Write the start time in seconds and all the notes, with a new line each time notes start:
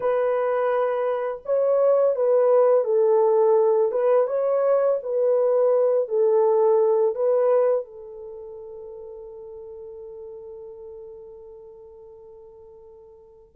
0.00 B4
1.45 C#5
2.15 B4
2.84 A4
3.91 B4
4.27 C#5
5.03 B4
6.08 A4
7.15 B4
7.84 A4